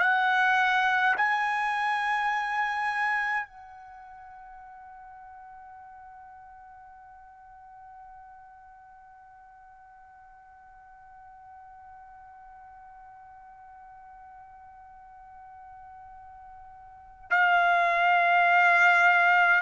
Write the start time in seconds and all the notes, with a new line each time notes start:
0.00 F#5
1.17 G#5
3.47 F#5
17.30 F5